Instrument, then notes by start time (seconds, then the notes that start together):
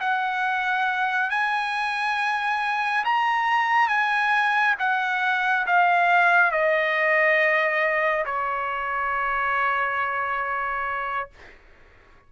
trumpet
0.00 F#5
1.30 G#5
3.04 A#5
3.88 G#5
4.79 F#5
5.66 F5
6.51 D#5
8.25 C#5